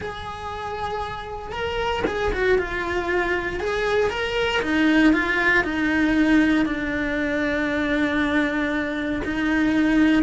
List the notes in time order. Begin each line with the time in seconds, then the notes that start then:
0.00 G#4
1.52 A#4
2.07 G#4
2.32 F#4
2.58 F4
3.60 G#4
4.10 A#4
4.62 D#4
5.13 F4
5.64 D#4
6.65 D4
9.24 D#4